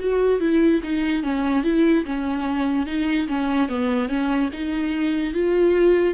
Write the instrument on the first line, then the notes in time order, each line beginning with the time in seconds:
viola
0.00 F#4
0.40 E4
0.83 D#4
1.24 C#4
1.64 E4
2.05 C#4
2.87 D#4
3.28 C#4
3.69 B3
4.09 C#4
4.53 D#4
5.33 F4